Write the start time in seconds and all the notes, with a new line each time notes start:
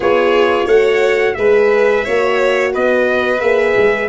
0.00 B3 F4 G#4 C#5
0.65 A3 F#4 C#5 F#5
1.34 G#3 G#4 B4 E5
2.04 A#3 F#4 C#5
2.73 B3 B4 D#5
3.39 A#3 G#4 E5
3.77 G#3